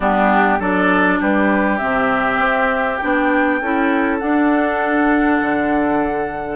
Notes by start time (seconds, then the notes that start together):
0.00 G3 B3 D4 G4
0.59 F#3 D4 A4 D5
1.20 G3 G4 B4
1.77 C3 C4 E5
2.38 C4
2.97 B3 D4 G5
3.61 C#4 E4 A4
4.18 D4 F#5
5.41 D3